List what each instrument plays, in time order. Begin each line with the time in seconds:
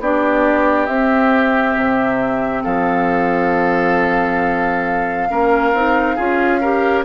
0.00 bassoon B3, clarinet D4, oboe G4, flute D5
0.87 bassoon C4, clarinet C4, flute E5
1.76 bassoon C3
2.64 bassoon F3, oboe A4, flute F5
5.30 bassoon A#3, clarinet C#4, oboe A#4
5.74 bassoon C4, clarinet D#4
6.16 bassoon C#4, clarinet F4, oboe G#4
6.61 clarinet G4, oboe A#4